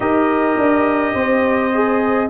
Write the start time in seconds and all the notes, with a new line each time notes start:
0.00 D#4 G4 A#4 D#5
0.57 D4
1.13 C4 C5
1.74 G#4